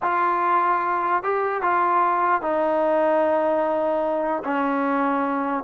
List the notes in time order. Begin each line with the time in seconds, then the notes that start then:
0.02 F4
1.23 G4
1.61 F4
2.41 D#4
4.44 C#4